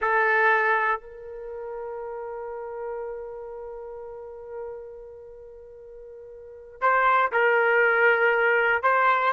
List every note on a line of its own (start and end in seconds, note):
0.01 1.00 A4
1.00 6.80 A#4
6.81 7.31 C5
7.32 8.83 A#4
8.83 9.33 C5